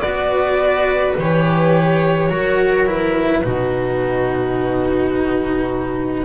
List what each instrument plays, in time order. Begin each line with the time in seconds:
0.00 double bass B3, cello F#4, viola B4, violin D5
1.17 double bass E3, cello G4, violin C#5
2.29 double bass F#3, cello F#4, viola A#4
2.86 cello E4, violin B4
3.43 double bass B2, cello D#4, viola F#4